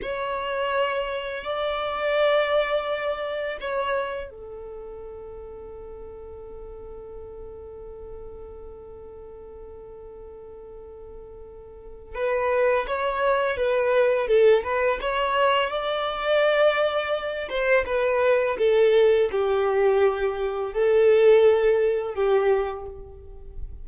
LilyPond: \new Staff \with { instrumentName = "violin" } { \time 4/4 \tempo 4 = 84 cis''2 d''2~ | d''4 cis''4 a'2~ | a'1~ | a'1~ |
a'4 b'4 cis''4 b'4 | a'8 b'8 cis''4 d''2~ | d''8 c''8 b'4 a'4 g'4~ | g'4 a'2 g'4 | }